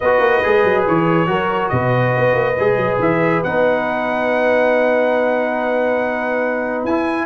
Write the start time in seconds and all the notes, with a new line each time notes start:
0.00 B3 F#4 B4 D#5
0.19 A#3
0.43 G#3 G#4
0.64 F#3
0.87 E3 C#5
1.26 F#3 F#4 A#4
1.69 B2 B4 D#5
2.16 B3
2.34 A#3
2.59 G#3 G#4
2.76 F#3
2.99 E3 E5
3.43 B3 D#4 F#5
6.84 E4 G#5